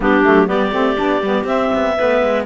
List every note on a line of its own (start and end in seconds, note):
0.00 0.24 G3
0.00 0.23 B3
0.00 0.46 D4
0.00 0.47 G4
0.23 0.50 F#3
0.23 0.47 A3
0.46 0.71 G3
0.46 0.72 B3
0.46 1.93 G4
0.46 1.46 D5
0.71 0.96 A3
0.71 0.96 C4
0.96 1.21 B3
0.96 1.21 D4
1.21 1.44 G3
1.21 1.46 B3
1.44 1.68 C4
1.44 1.95 C4
1.44 2.45 E5
1.74 1.98 B3
1.96 2.22 A3
1.96 2.46 B3
1.96 2.45 B4
2.22 2.46 G#3